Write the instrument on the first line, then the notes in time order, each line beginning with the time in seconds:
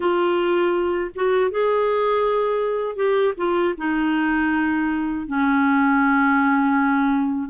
clarinet
0.00 F4
1.15 F#4
1.50 G#4
2.96 G4
3.37 F4
3.77 D#4
5.27 C#4